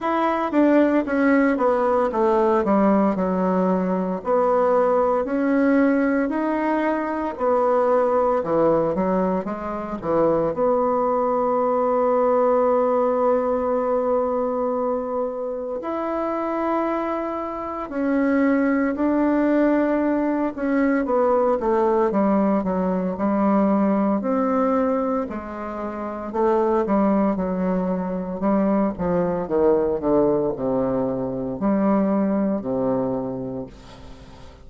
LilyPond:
\new Staff \with { instrumentName = "bassoon" } { \time 4/4 \tempo 4 = 57 e'8 d'8 cis'8 b8 a8 g8 fis4 | b4 cis'4 dis'4 b4 | e8 fis8 gis8 e8 b2~ | b2. e'4~ |
e'4 cis'4 d'4. cis'8 | b8 a8 g8 fis8 g4 c'4 | gis4 a8 g8 fis4 g8 f8 | dis8 d8 c4 g4 c4 | }